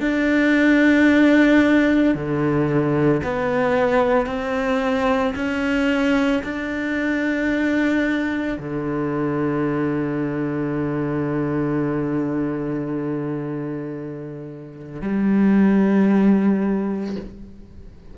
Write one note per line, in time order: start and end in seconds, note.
0.00 2.14 D4
2.14 3.21 D3
3.23 4.26 B3
4.26 5.33 C4
5.35 6.42 C#4
6.43 8.58 D4
8.59 15.01 D3
15.01 17.16 G3